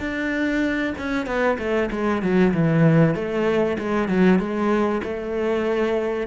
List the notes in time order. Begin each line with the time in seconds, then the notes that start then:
0.00 D4
0.99 C#4
1.26 B3
1.59 A3
1.91 G#3
2.22 F#3
2.54 E3
3.15 A3
3.79 G#3
4.09 F#3
4.39 G#3
5.04 A3